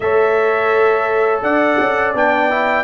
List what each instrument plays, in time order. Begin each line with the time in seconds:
0.00 tuba A3, trombone A4, horn C#5, trumpet E5
1.42 tuba D4, horn D5, trumpet F#5
1.78 tuba C#4
2.14 tuba B3, trombone D4, trumpet G5
2.50 trombone E4